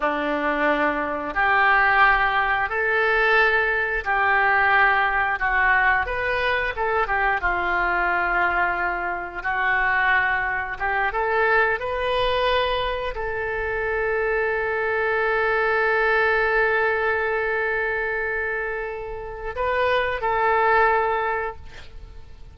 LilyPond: \new Staff \with { instrumentName = "oboe" } { \time 4/4 \tempo 4 = 89 d'2 g'2 | a'2 g'2 | fis'4 b'4 a'8 g'8 f'4~ | f'2 fis'2 |
g'8 a'4 b'2 a'8~ | a'1~ | a'1~ | a'4 b'4 a'2 | }